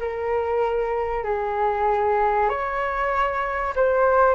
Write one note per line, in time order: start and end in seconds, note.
0.00 1.25 A#4
1.25 2.50 G#4
2.50 3.75 C#5
3.76 4.35 C5